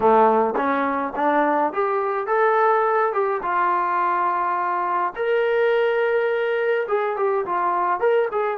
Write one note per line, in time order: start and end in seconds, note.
0.00 0.54 A3
0.56 1.13 C#4
1.15 1.72 D4
1.72 2.26 G4
2.26 3.12 A4
3.12 3.41 G4
3.42 5.13 F4
5.15 6.86 A#4
6.88 7.16 G#4
7.16 7.45 G4
7.45 7.99 F4
7.99 8.28 A#4
8.31 8.57 G#4